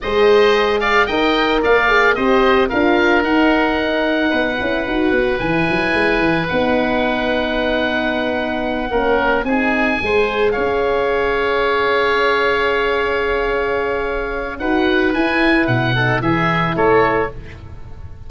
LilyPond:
<<
  \new Staff \with { instrumentName = "oboe" } { \time 4/4 \tempo 4 = 111 dis''4. f''8 g''4 f''4 | dis''4 f''4 fis''2~ | fis''2 gis''2 | fis''1~ |
fis''4. gis''2 f''8~ | f''1~ | f''2. fis''4 | gis''4 fis''4 e''4 cis''4 | }
  \new Staff \with { instrumentName = "oboe" } { \time 4/4 c''4. d''8 dis''4 d''4 | c''4 ais'2. | b'1~ | b'1~ |
b'8 ais'4 gis'4 c''4 cis''8~ | cis''1~ | cis''2. b'4~ | b'4. a'8 gis'4 a'4 | }
  \new Staff \with { instrumentName = "horn" } { \time 4/4 gis'2 ais'4. gis'8 | g'4 f'4 dis'2~ | dis'8 e'8 fis'4 e'2 | dis'1~ |
dis'8 cis'4 dis'4 gis'4.~ | gis'1~ | gis'2. fis'4 | e'4. dis'8 e'2 | }
  \new Staff \with { instrumentName = "tuba" } { \time 4/4 gis2 dis'4 ais4 | c'4 d'4 dis'2 | b8 cis'8 dis'8 b8 e8 fis8 gis8 e8 | b1~ |
b8 ais4 c'4 gis4 cis'8~ | cis'1~ | cis'2. dis'4 | e'4 b,4 e4 a4 | }
>>